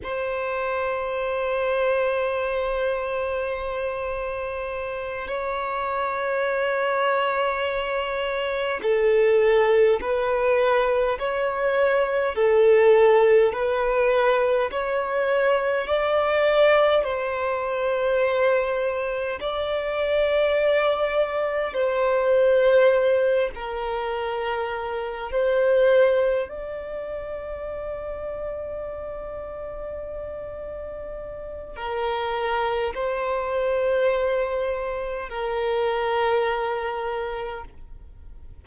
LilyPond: \new Staff \with { instrumentName = "violin" } { \time 4/4 \tempo 4 = 51 c''1~ | c''8 cis''2. a'8~ | a'8 b'4 cis''4 a'4 b'8~ | b'8 cis''4 d''4 c''4.~ |
c''8 d''2 c''4. | ais'4. c''4 d''4.~ | d''2. ais'4 | c''2 ais'2 | }